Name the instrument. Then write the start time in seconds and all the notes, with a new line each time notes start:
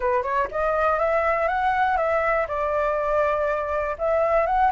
flute
0.00 B4
0.22 C#5
0.51 D#5
0.99 E5
1.47 F#5
1.97 E5
2.47 D5
3.98 E5
4.46 F#5